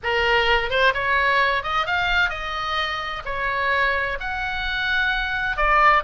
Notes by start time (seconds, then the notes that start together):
0.03 A#4
0.70 C5
0.94 C#5
1.63 D#5
1.86 F5
2.29 D#5
3.25 C#5
4.20 F#5
5.56 D5